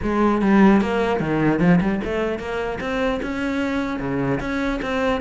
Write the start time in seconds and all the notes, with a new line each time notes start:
0.02 G#3
0.41 G3
0.81 A#3
1.20 D#3
1.59 F3
1.80 G3
2.04 A3
2.39 A#3
2.80 C4
3.22 C#4
3.99 C#3
4.39 C#4
4.81 C4